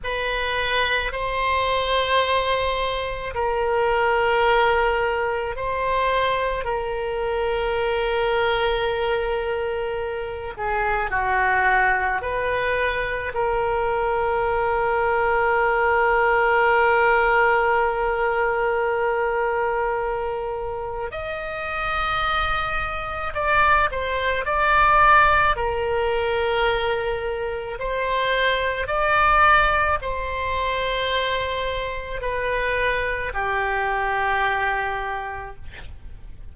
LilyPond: \new Staff \with { instrumentName = "oboe" } { \time 4/4 \tempo 4 = 54 b'4 c''2 ais'4~ | ais'4 c''4 ais'2~ | ais'4. gis'8 fis'4 b'4 | ais'1~ |
ais'2. dis''4~ | dis''4 d''8 c''8 d''4 ais'4~ | ais'4 c''4 d''4 c''4~ | c''4 b'4 g'2 | }